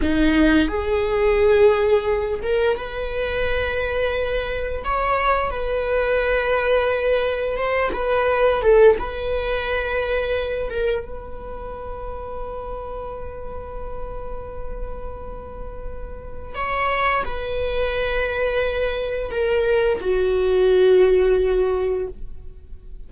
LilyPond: \new Staff \with { instrumentName = "viola" } { \time 4/4 \tempo 4 = 87 dis'4 gis'2~ gis'8 ais'8 | b'2. cis''4 | b'2. c''8 b'8~ | b'8 a'8 b'2~ b'8 ais'8 |
b'1~ | b'1 | cis''4 b'2. | ais'4 fis'2. | }